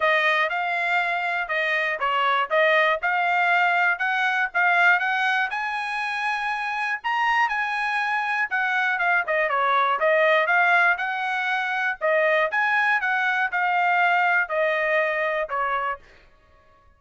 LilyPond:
\new Staff \with { instrumentName = "trumpet" } { \time 4/4 \tempo 4 = 120 dis''4 f''2 dis''4 | cis''4 dis''4 f''2 | fis''4 f''4 fis''4 gis''4~ | gis''2 ais''4 gis''4~ |
gis''4 fis''4 f''8 dis''8 cis''4 | dis''4 f''4 fis''2 | dis''4 gis''4 fis''4 f''4~ | f''4 dis''2 cis''4 | }